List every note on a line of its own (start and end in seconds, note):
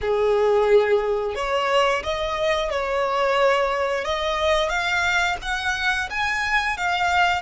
0.01 1.35 G#4
1.35 2.02 C#5
2.03 2.70 D#5
2.70 4.04 C#5
4.04 4.69 D#5
4.69 5.36 F5
5.41 6.09 F#5
6.09 6.77 G#5
6.77 7.41 F5